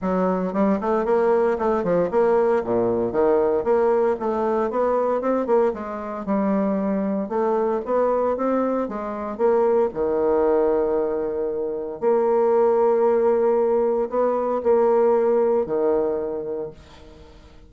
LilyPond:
\new Staff \with { instrumentName = "bassoon" } { \time 4/4 \tempo 4 = 115 fis4 g8 a8 ais4 a8 f8 | ais4 ais,4 dis4 ais4 | a4 b4 c'8 ais8 gis4 | g2 a4 b4 |
c'4 gis4 ais4 dis4~ | dis2. ais4~ | ais2. b4 | ais2 dis2 | }